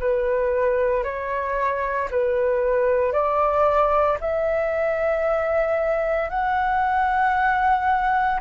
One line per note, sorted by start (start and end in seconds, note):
0.00 1.03 B4
1.03 2.08 C#5
2.11 3.12 B4
3.12 4.17 D5
4.20 6.29 E5
6.29 8.40 F#5